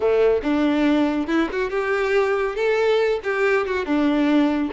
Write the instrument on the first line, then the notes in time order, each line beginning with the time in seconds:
violin
0.00 A3
0.42 D4
1.27 E4
1.52 F#4
1.70 G4
2.55 A4
3.23 G4
3.66 F#4
3.85 D4